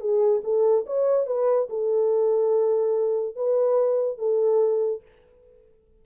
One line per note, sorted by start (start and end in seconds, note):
0.00 0.42 G#4
0.44 0.85 A4
0.86 1.27 C#5
1.27 1.68 B4
1.69 3.36 A4
3.36 4.18 B4
4.18 5.02 A4